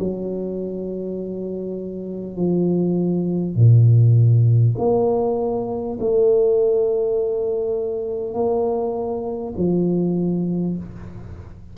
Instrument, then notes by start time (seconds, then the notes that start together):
tuba
0.00 F#3
2.37 F3
3.56 A#2
4.78 A#3
6.01 A3
8.34 A#3
9.57 F3